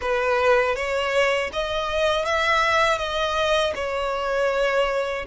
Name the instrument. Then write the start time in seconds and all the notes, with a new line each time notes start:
violin
0.01 B4
0.75 C#5
1.52 D#5
2.25 E5
2.98 D#5
3.75 C#5